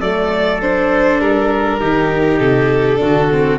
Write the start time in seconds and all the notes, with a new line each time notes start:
0.00 F#3 A3 A4 D5
0.61 D4 C5
1.20 G3 A#4
1.80 D#3 D#4 G4
2.39 C3 A4
2.96 D4 F#4
3.02 D3
3.31 C4